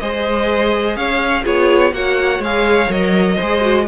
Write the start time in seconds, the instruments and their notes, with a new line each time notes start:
0.00 cello G#3, viola G#4, violin C5 D#5
0.96 cello C#4, violin C#5 F5
1.44 cello B3, viola F4, violin G#4 C#5
1.93 cello A#3, viola F#4, violin C#5 F#5
2.39 cello G#3, viola G#4, violin F5
2.89 cello F#3, viola A#4, violin D#5
3.37 cello G#3, viola G#4, violin C5
3.61 viola F#4